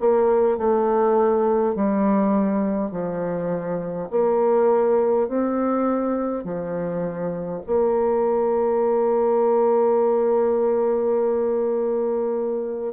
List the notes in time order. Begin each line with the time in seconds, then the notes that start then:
0.00 A#3
0.57 A3
1.75 G3
2.91 F3
4.10 A#3
5.28 C4
6.44 F3
7.66 A#3